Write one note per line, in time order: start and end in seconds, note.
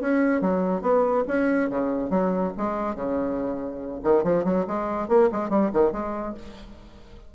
0.00 0.41 C#4
0.41 0.81 F#3
0.81 1.24 B3
1.27 1.69 C#4
1.69 2.10 C#3
2.10 2.52 F#3
2.57 2.95 G#3
2.95 4.00 C#3
4.03 4.23 D#3
4.23 4.44 F3
4.44 4.65 F#3
4.67 5.08 G#3
5.08 5.29 A#3
5.32 5.49 G#3
5.49 5.70 G3
5.73 5.92 D#3
5.92 6.34 G#3